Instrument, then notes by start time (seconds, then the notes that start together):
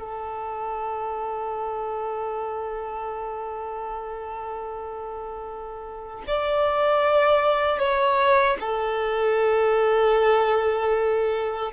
violin
0.00 A4
6.28 D5
7.79 C#5
8.60 A4